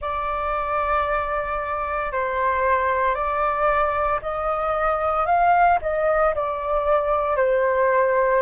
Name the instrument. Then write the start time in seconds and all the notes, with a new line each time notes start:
flute
0.01 D5
2.11 C5
3.14 D5
4.22 D#5
5.26 F5
5.81 D#5
6.34 D5
7.36 C5